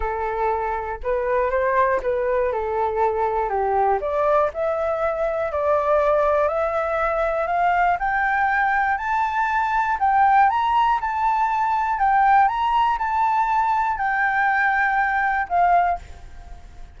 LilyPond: \new Staff \with { instrumentName = "flute" } { \time 4/4 \tempo 4 = 120 a'2 b'4 c''4 | b'4 a'2 g'4 | d''4 e''2 d''4~ | d''4 e''2 f''4 |
g''2 a''2 | g''4 ais''4 a''2 | g''4 ais''4 a''2 | g''2. f''4 | }